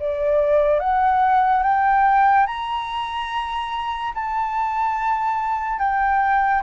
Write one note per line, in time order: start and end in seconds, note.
0.00 0.80 D5
0.80 1.63 F#5
1.63 2.47 G5
2.47 4.13 A#5
4.15 5.79 A5
5.79 6.62 G5